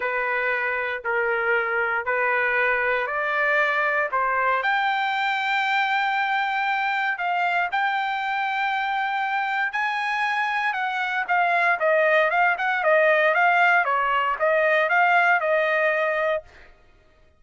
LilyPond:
\new Staff \with { instrumentName = "trumpet" } { \time 4/4 \tempo 4 = 117 b'2 ais'2 | b'2 d''2 | c''4 g''2.~ | g''2 f''4 g''4~ |
g''2. gis''4~ | gis''4 fis''4 f''4 dis''4 | f''8 fis''8 dis''4 f''4 cis''4 | dis''4 f''4 dis''2 | }